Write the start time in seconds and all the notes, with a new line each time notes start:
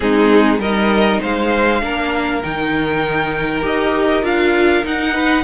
0.00 G#3 C4 D#4 G#4
0.59 G3 D#4 A#4 D#5
1.21 G#3 C5 F5
1.80 A#3 D4 A#4
2.42 D#3 D#4 G5
3.61 D#4 G4 D#5
4.22 D4 F4 F5
4.83 D#4 F#5
5.13 B4